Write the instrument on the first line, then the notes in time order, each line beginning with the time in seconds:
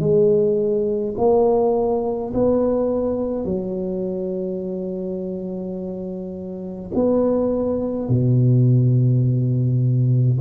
tuba
0.00 G#3
1.17 A#3
2.34 B3
3.45 F#3
6.94 B3
8.08 B2